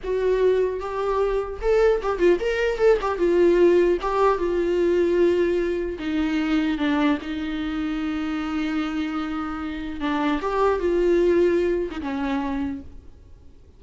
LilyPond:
\new Staff \with { instrumentName = "viola" } { \time 4/4 \tempo 4 = 150 fis'2 g'2 | a'4 g'8 f'8 ais'4 a'8 g'8 | f'2 g'4 f'4~ | f'2. dis'4~ |
dis'4 d'4 dis'2~ | dis'1~ | dis'4 d'4 g'4 f'4~ | f'4.~ f'16 dis'16 cis'2 | }